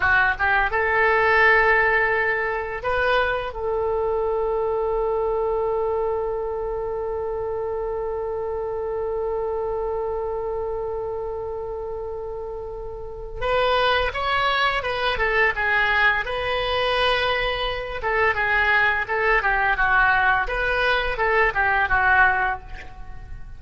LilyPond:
\new Staff \with { instrumentName = "oboe" } { \time 4/4 \tempo 4 = 85 fis'8 g'8 a'2. | b'4 a'2.~ | a'1~ | a'1~ |
a'2. b'4 | cis''4 b'8 a'8 gis'4 b'4~ | b'4. a'8 gis'4 a'8 g'8 | fis'4 b'4 a'8 g'8 fis'4 | }